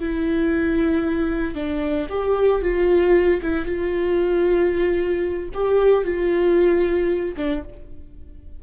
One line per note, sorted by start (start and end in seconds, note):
0.00 1.55 E4
1.55 2.07 D4
2.09 2.62 G4
2.62 3.41 F4
3.42 3.66 E4
3.66 5.50 F4
5.54 6.04 G4
6.04 7.36 F4
7.37 7.63 D4